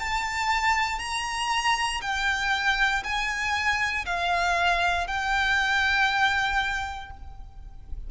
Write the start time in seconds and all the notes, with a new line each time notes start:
0.00 A5
0.99 A#5
2.02 G5
3.04 G#5
4.06 F5
5.08 G5